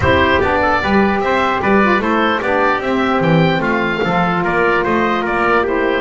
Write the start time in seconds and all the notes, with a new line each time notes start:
0.00 C4 E4 G4 C5
0.40 B3 D4 D5
0.61 A4
0.81 G3 G4 B4
1.20 C4 C5 E5
1.62 G3 B4 D5
1.82 F4
1.99 A3 E4 A4 C5
2.41 B3 D4 G4 D5
2.79 C4 E5
3.20 E3 G5
3.59 A3 F4 F5
4.03 F3 F4 A4
4.43 A#3 A#4 D5
4.84 A3 C5 D#5
5.22 A#3 A#4 D5
5.62 E4 G4 C5